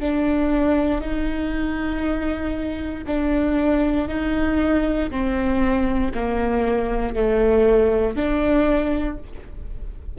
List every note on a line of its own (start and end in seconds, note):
0.00 1.01 D4
1.01 3.05 D#4
3.07 4.09 D4
4.09 5.10 D#4
5.11 6.12 C4
6.15 7.15 A#3
7.15 8.16 A3
8.16 9.18 D4